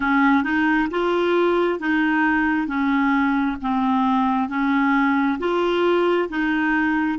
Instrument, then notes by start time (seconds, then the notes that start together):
clarinet
0.00 C#4
0.43 D#4
0.90 F4
1.79 D#4
2.67 C#4
3.61 C4
4.48 C#4
5.39 F4
6.29 D#4